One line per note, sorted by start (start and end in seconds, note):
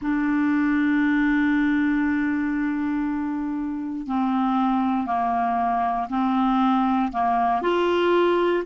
0.01 4.07 D4
4.07 5.06 C4
5.06 6.07 A#3
6.09 7.11 C4
7.11 7.61 A#3
7.61 8.63 F4